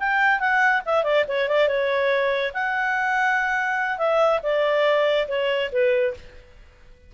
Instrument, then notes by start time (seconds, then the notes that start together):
clarinet
0.00 G5
0.40 F#5
0.86 E5
1.04 D5
1.28 C#5
1.49 D5
1.68 C#5
2.54 F#5
3.98 E5
4.43 D5
5.28 C#5
5.72 B4